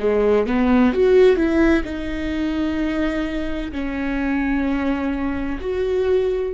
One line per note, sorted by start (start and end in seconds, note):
0.00 0.47 G#3
0.47 0.94 B3
0.94 1.37 F#4
1.37 1.84 E4
1.85 3.72 D#4
3.72 5.60 C#4
5.61 6.55 F#4